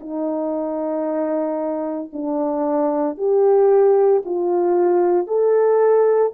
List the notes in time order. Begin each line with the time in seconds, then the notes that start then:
0.00 D#4
2.12 D4
3.18 G4
4.25 F4
5.27 A4